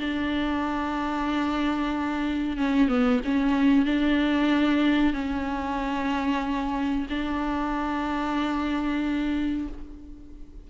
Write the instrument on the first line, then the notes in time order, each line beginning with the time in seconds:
viola
0.00 D4
2.57 C#4
2.89 B3
3.25 C#4
3.86 D4
5.13 C#4
7.10 D4